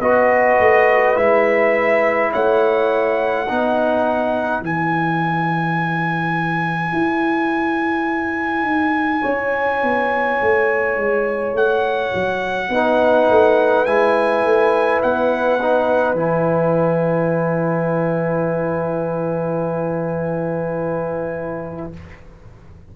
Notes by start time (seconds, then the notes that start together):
0.00 B3 F#4 B4 D#5
0.60 A3
1.16 G#3 E4 E5
2.32 A3 C#5 F#5
3.47 B3 D#4 B4
4.61 E3 E4 G#5
6.93 E4
8.63 D#4
9.21 C#4 C#5
9.82 B3
10.41 A3
10.97 G#3
11.54 A3 F#5
12.14 F#3
12.69 B3 D#4 B4
13.30 A3
13.85 G#3 E4 G#5
14.44 A3
15.02 B3 F#5
15.61 D#4
16.13 E3 E4 G#5